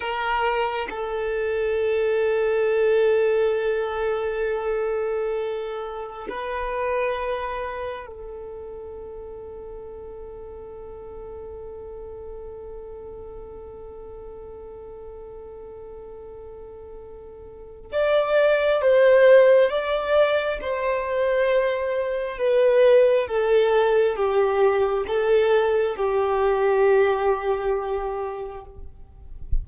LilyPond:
\new Staff \with { instrumentName = "violin" } { \time 4/4 \tempo 4 = 67 ais'4 a'2.~ | a'2. b'4~ | b'4 a'2.~ | a'1~ |
a'1 | d''4 c''4 d''4 c''4~ | c''4 b'4 a'4 g'4 | a'4 g'2. | }